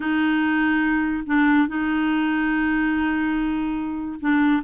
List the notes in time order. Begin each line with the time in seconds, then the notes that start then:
0.00 D#4
1.26 D4
1.68 D#4
4.20 D4